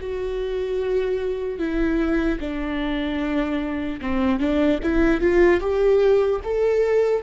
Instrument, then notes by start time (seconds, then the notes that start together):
viola
0.00 F#4
1.59 E4
2.40 D4
4.01 C4
4.39 D4
4.82 E4
5.20 F4
5.60 G4
6.44 A4